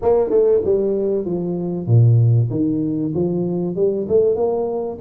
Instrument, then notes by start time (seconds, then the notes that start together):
tuba
0.02 A#3
0.30 A3
0.64 G3
1.25 F3
1.86 A#2
2.50 D#3
3.14 F3
3.75 G3
4.08 A3
4.35 A#3